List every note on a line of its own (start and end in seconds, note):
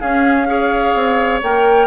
0.00 0.47 C#4
0.00 0.95 C#4
0.00 0.48 G#4
0.00 1.41 F5
0.47 1.41 G#4
0.47 1.87 C#5
0.95 1.41 C4
1.43 1.87 A#3
1.43 1.87 A#4
1.43 1.87 G5